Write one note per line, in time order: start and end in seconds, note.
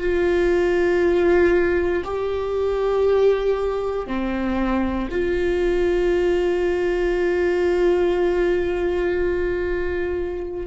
0.00 2.03 F4
2.05 4.07 G4
4.07 5.09 C4
5.11 10.67 F4